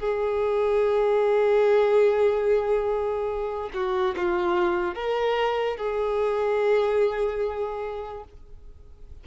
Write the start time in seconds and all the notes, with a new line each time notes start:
0.00 G#4
3.75 F#4
4.17 F4
4.95 A#4
5.77 G#4